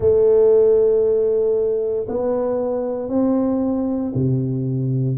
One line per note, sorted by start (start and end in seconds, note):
0.00 2.06 A3
2.08 3.08 B3
3.08 4.12 C4
4.14 5.17 C3